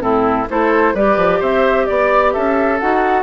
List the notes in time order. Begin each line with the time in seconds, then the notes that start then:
0.00 A2 C4 E4 A4
0.49 A3 E4 A4 C5
0.94 G3 G4 B4 D5
1.17 F3
1.39 C4 C5 E5
1.86 B3 D5
2.33 C#4 A4 E5
2.79 D#4 F#4 F#5